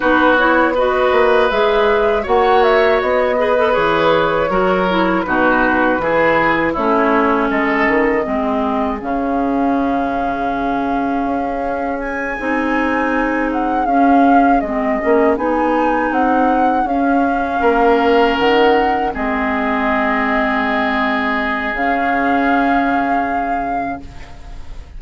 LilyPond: <<
  \new Staff \with { instrumentName = "flute" } { \time 4/4 \tempo 4 = 80 b'8 cis''8 dis''4 e''4 fis''8 e''8 | dis''4 cis''2 b'4~ | b'4 cis''4 dis''2 | f''1 |
gis''2 fis''8 f''4 dis''8~ | dis''8 gis''4 fis''4 f''4.~ | f''8 fis''4 dis''2~ dis''8~ | dis''4 f''2. | }
  \new Staff \with { instrumentName = "oboe" } { \time 4/4 fis'4 b'2 cis''4~ | cis''8 b'4. ais'4 fis'4 | gis'4 e'4 a'4 gis'4~ | gis'1~ |
gis'1~ | gis'2.~ gis'8 ais'8~ | ais'4. gis'2~ gis'8~ | gis'1 | }
  \new Staff \with { instrumentName = "clarinet" } { \time 4/4 dis'8 e'8 fis'4 gis'4 fis'4~ | fis'8 gis'16 a'16 gis'4 fis'8 e'8 dis'4 | e'4 cis'2 c'4 | cis'1~ |
cis'8 dis'2 cis'4 c'8 | cis'8 dis'2 cis'4.~ | cis'4. c'2~ c'8~ | c'4 cis'2. | }
  \new Staff \with { instrumentName = "bassoon" } { \time 4/4 b4. ais8 gis4 ais4 | b4 e4 fis4 b,4 | e4 a4 gis8 dis8 gis4 | cis2. cis'4~ |
cis'8 c'2 cis'4 gis8 | ais8 b4 c'4 cis'4 ais8~ | ais8 dis4 gis2~ gis8~ | gis4 cis2. | }
>>